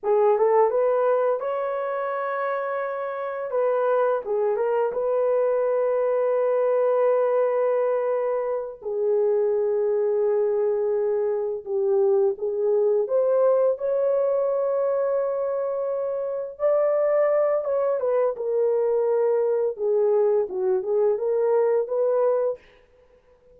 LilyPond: \new Staff \with { instrumentName = "horn" } { \time 4/4 \tempo 4 = 85 gis'8 a'8 b'4 cis''2~ | cis''4 b'4 gis'8 ais'8 b'4~ | b'1~ | b'8 gis'2.~ gis'8~ |
gis'8 g'4 gis'4 c''4 cis''8~ | cis''2.~ cis''8 d''8~ | d''4 cis''8 b'8 ais'2 | gis'4 fis'8 gis'8 ais'4 b'4 | }